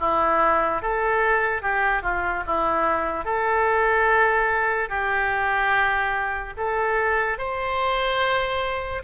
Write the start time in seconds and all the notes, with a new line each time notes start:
0.00 E4
0.82 A4
1.62 G4
2.02 F4
2.47 E4
3.25 A4
4.89 G4
6.57 A4
7.38 C5